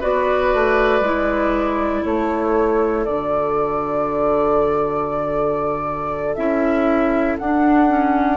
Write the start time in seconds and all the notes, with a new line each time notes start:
0.00 B3 F#4 B4 D5
0.53 A3
1.00 G#3 E4
2.03 A3 A4 C#5
3.05 D3 F#4 D5
6.35 C#4 E4 E5
7.38 D4 F#5
7.88 C#4